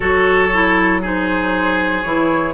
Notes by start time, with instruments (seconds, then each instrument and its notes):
0.00 bassoon F#3, clarinet F#4, oboe A4, flute C#5
0.52 clarinet E4
1.01 clarinet D#4, oboe G#4, flute C5
2.02 bassoon E3, clarinet E4, flute C#5